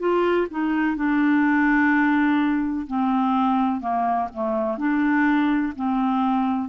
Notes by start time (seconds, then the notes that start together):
0.00 F4
0.51 D#4
0.97 D4
2.87 C4
3.81 A#3
4.34 A3
4.78 D4
5.76 C4